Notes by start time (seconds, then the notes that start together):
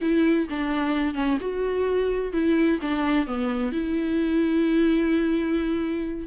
0.01 E4
0.49 D4
1.14 C#4
1.40 F#4
2.33 E4
2.81 D4
3.26 B3
3.71 E4